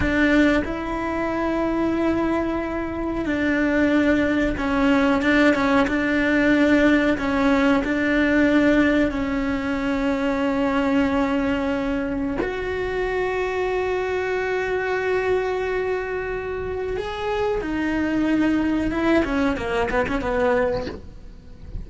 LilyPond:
\new Staff \with { instrumentName = "cello" } { \time 4/4 \tempo 4 = 92 d'4 e'2.~ | e'4 d'2 cis'4 | d'8 cis'8 d'2 cis'4 | d'2 cis'2~ |
cis'2. fis'4~ | fis'1~ | fis'2 gis'4 dis'4~ | dis'4 e'8 cis'8 ais8 b16 cis'16 b4 | }